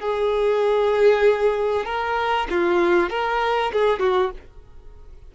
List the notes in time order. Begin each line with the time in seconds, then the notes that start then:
0.00 G#4
1.85 A#4
2.50 F4
3.10 A#4
3.73 G#4
4.00 F#4